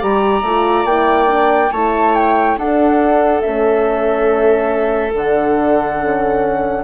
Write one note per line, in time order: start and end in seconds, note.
0.00 0.42 G3
0.00 0.43 G4
0.00 1.71 D5
0.00 0.86 A#5
0.42 0.85 A3
0.42 0.88 F4
0.85 1.71 A#3
0.85 1.28 E4
0.85 1.72 G5
1.28 1.71 D4
1.72 2.57 A3
1.72 2.59 E4
1.72 2.58 C#5
1.72 2.15 A5
2.15 2.58 G5
2.57 3.43 D4
2.57 3.42 D4
2.57 6.84 A4
2.57 3.41 F#5
3.41 5.14 A3
3.41 5.14 C#4
3.41 5.12 E5
5.14 6.84 D3
5.14 6.00 D4
5.14 6.84 F#5
6.00 6.84 C#4